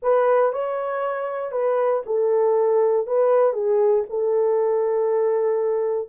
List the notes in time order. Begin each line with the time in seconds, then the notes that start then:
0.02 B4
0.52 C#5
1.51 B4
2.05 A4
3.06 B4
3.53 G#4
4.09 A4